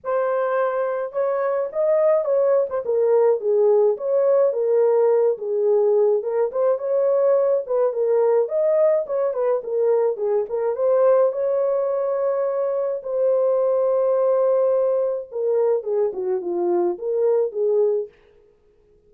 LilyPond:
\new Staff \with { instrumentName = "horn" } { \time 4/4 \tempo 4 = 106 c''2 cis''4 dis''4 | cis''8. c''16 ais'4 gis'4 cis''4 | ais'4. gis'4. ais'8 c''8 | cis''4. b'8 ais'4 dis''4 |
cis''8 b'8 ais'4 gis'8 ais'8 c''4 | cis''2. c''4~ | c''2. ais'4 | gis'8 fis'8 f'4 ais'4 gis'4 | }